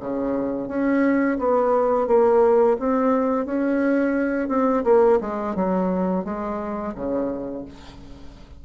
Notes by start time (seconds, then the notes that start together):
0.00 C#3
0.68 C#4
1.39 B3
2.07 A#3
2.79 C4
3.46 C#4
4.49 C4
4.84 A#3
5.21 G#3
5.56 F#3
6.25 G#3
6.95 C#3